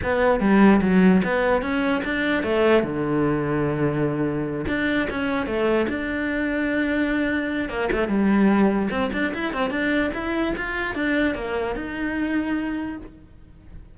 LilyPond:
\new Staff \with { instrumentName = "cello" } { \time 4/4 \tempo 4 = 148 b4 g4 fis4 b4 | cis'4 d'4 a4 d4~ | d2.~ d8 d'8~ | d'8 cis'4 a4 d'4.~ |
d'2. ais8 a8 | g2 c'8 d'8 e'8 c'8 | d'4 e'4 f'4 d'4 | ais4 dis'2. | }